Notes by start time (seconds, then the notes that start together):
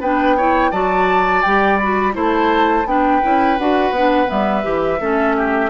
0.00 B3 D4 B4 G5
0.36 E4 C#5
0.71 F#3 F#4 D5 A5
1.42 G3 G4 G5
1.78 F#4 B5
2.12 A3 E4 C5
2.20 A5
2.85 B3 D4 B4 G5
3.22 C#4 E4
3.58 D4 F#4 F#5
3.90 B3 D4
4.26 G3 B3 E5
4.62 E3 G4
5.00 A3 C#4 A4
5.36 G4